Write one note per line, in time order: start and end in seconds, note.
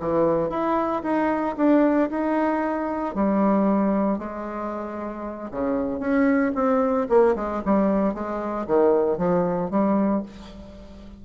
0.00 0.50 E3
0.50 1.03 E4
1.03 1.56 D#4
1.57 2.10 D4
2.10 3.15 D#4
3.15 4.18 G3
4.18 5.50 G#3
5.51 6.00 C#3
6.00 6.52 C#4
6.55 7.08 C4
7.09 7.36 A#3
7.36 7.62 G#3
7.65 8.14 G3
8.14 8.67 G#3
8.67 9.18 D#3
9.18 9.71 F3
9.71 10.23 G3